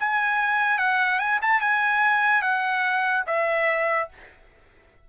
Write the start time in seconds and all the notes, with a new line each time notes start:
0.00 G#5
0.79 F#5
1.20 G#5
1.42 A5
1.61 G#5
2.42 F#5
3.27 E5